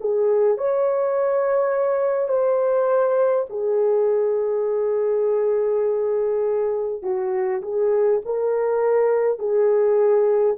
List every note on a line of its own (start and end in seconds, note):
0.00 0.57 G#4
0.57 2.28 C#5
2.28 3.45 C5
3.49 7.02 G#4
7.02 7.61 F#4
7.61 8.20 G#4
8.25 9.39 A#4
9.39 10.56 G#4